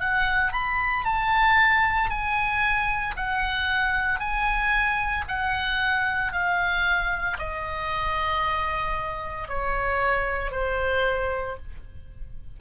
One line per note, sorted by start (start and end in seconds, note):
0.00 0.52 F#5
0.52 1.05 B5
1.05 2.10 A5
2.10 3.15 G#5
3.17 4.20 F#5
4.20 5.25 G#5
5.28 6.33 F#5
6.33 7.38 F5
7.38 9.48 D#5
9.48 10.51 C#5
10.51 11.56 C5